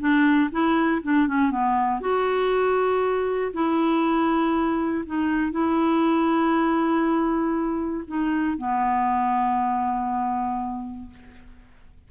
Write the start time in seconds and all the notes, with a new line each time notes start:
0.00 D4
0.52 E4
1.03 D4
1.28 C#4
1.51 B3
2.01 F#4
3.54 E4
5.06 D#4
5.52 E4
8.08 D#4
8.58 B3